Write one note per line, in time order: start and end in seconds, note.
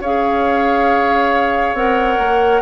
0.00 1.74 C#4
0.00 1.77 G#4
0.00 2.62 C#5
0.00 1.77 F5
1.74 2.17 C4
1.74 2.62 A#4
1.74 2.62 F#5
2.18 2.62 A#3